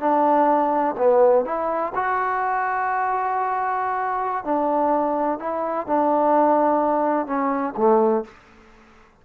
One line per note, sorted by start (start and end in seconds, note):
0.00 0.95 D4
0.98 1.45 B3
1.45 1.93 E4
1.95 4.44 F#4
4.44 5.39 D4
5.39 5.87 E4
5.87 7.27 D4
7.27 7.74 C#4
7.77 8.24 A3